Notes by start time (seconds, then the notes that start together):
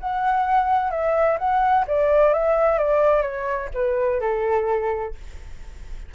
0.00 F#5
0.91 E5
1.39 F#5
1.87 D5
2.34 E5
2.79 D5
3.23 C#5
3.75 B4
4.21 A4